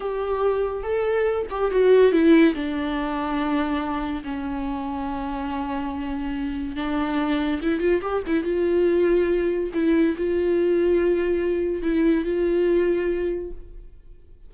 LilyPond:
\new Staff \with { instrumentName = "viola" } { \time 4/4 \tempo 4 = 142 g'2 a'4. g'8 | fis'4 e'4 d'2~ | d'2 cis'2~ | cis'1 |
d'2 e'8 f'8 g'8 e'8 | f'2. e'4 | f'1 | e'4 f'2. | }